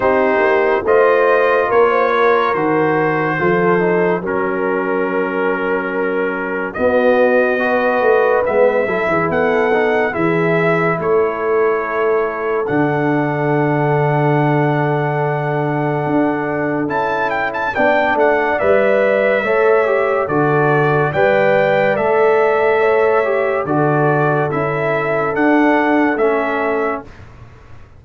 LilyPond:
<<
  \new Staff \with { instrumentName = "trumpet" } { \time 4/4 \tempo 4 = 71 c''4 dis''4 cis''4 c''4~ | c''4 ais'2. | dis''2 e''4 fis''4 | e''4 cis''2 fis''4~ |
fis''1 | a''8 g''16 a''16 g''8 fis''8 e''2 | d''4 g''4 e''2 | d''4 e''4 fis''4 e''4 | }
  \new Staff \with { instrumentName = "horn" } { \time 4/4 g'4 c''4 ais'16 c''16 ais'4. | a'4 ais'2. | fis'4 b'4. a'16 gis'16 a'4 | gis'4 a'2.~ |
a'1~ | a'4 d''2 cis''4 | a'4 d''2 cis''4 | a'1 | }
  \new Staff \with { instrumentName = "trombone" } { \time 4/4 dis'4 f'2 fis'4 | f'8 dis'8 cis'2. | b4 fis'4 b8 e'4 dis'8 | e'2. d'4~ |
d'1 | e'4 d'4 b'4 a'8 g'8 | fis'4 b'4 a'4. g'8 | fis'4 e'4 d'4 cis'4 | }
  \new Staff \with { instrumentName = "tuba" } { \time 4/4 c'8 ais8 a4 ais4 dis4 | f4 fis2. | b4. a8 gis8 fis16 e16 b4 | e4 a2 d4~ |
d2. d'4 | cis'4 b8 a8 g4 a4 | d4 g4 a2 | d4 cis'4 d'4 a4 | }
>>